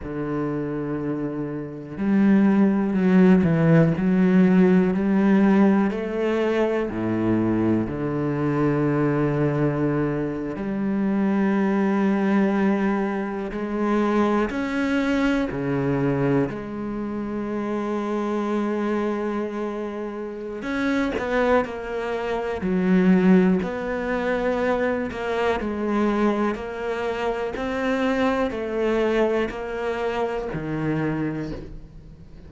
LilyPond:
\new Staff \with { instrumentName = "cello" } { \time 4/4 \tempo 4 = 61 d2 g4 fis8 e8 | fis4 g4 a4 a,4 | d2~ d8. g4~ g16~ | g4.~ g16 gis4 cis'4 cis16~ |
cis8. gis2.~ gis16~ | gis4 cis'8 b8 ais4 fis4 | b4. ais8 gis4 ais4 | c'4 a4 ais4 dis4 | }